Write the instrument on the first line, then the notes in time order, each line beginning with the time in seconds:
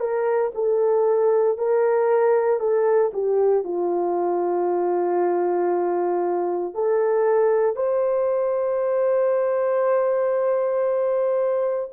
horn
0.00 A#4
0.55 A4
1.58 A#4
2.60 A4
3.13 G4
3.64 F4
6.74 A4
7.76 C5